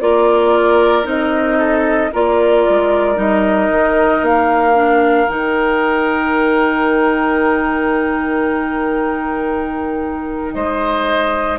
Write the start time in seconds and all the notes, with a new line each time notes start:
0.00 A#3 F4 A#4 D5
1.04 C4 D#4 D#5
1.58 A4
2.12 A#3 F4 A#4 D5
2.69 G#3
3.15 G3 D#4 D#5
3.70 D#3
4.21 A#3 F5
4.74 D4
5.28 D#3 D#4 G5
10.53 G#3 C5 D#5